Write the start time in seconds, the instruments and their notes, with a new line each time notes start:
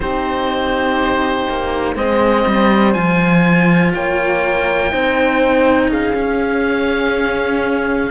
0.00 cello C4 D#4, horn G4, oboe C5
1.49 cello A#3
1.94 cello G#3 C4, horn C5, oboe D#5
2.47 cello G3
2.93 cello F3 F4, oboe G#5
3.94 cello A#3, horn C#5, oboe G5
4.90 cello C4 D#4, horn C5
5.88 cello C#4, horn G#4, oboe F5
6.14 cello C#4